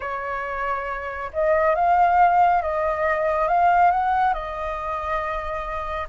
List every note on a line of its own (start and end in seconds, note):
0.00 1.30 C#5
1.33 1.75 D#5
1.75 2.62 F5
2.62 3.48 D#5
3.48 3.91 F5
3.91 4.33 F#5
4.33 6.07 D#5